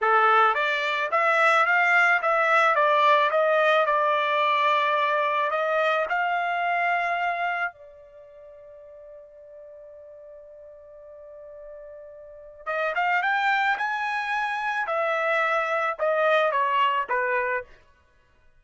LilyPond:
\new Staff \with { instrumentName = "trumpet" } { \time 4/4 \tempo 4 = 109 a'4 d''4 e''4 f''4 | e''4 d''4 dis''4 d''4~ | d''2 dis''4 f''4~ | f''2 d''2~ |
d''1~ | d''2. dis''8 f''8 | g''4 gis''2 e''4~ | e''4 dis''4 cis''4 b'4 | }